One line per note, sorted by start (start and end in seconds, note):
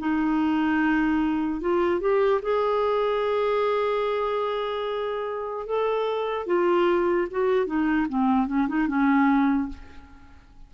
0.00 1.61 D#4
1.61 2.01 F4
2.01 2.41 G4
2.43 5.67 G#4
5.67 6.47 A4
6.47 7.28 F4
7.31 7.67 F#4
7.67 8.07 D#4
8.09 8.48 C4
8.48 8.68 C#4
8.69 8.88 D#4
8.88 9.69 C#4